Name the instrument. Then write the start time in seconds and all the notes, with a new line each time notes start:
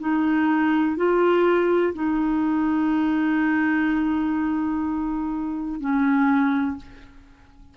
clarinet
0.00 D#4
0.96 F4
1.94 D#4
5.80 C#4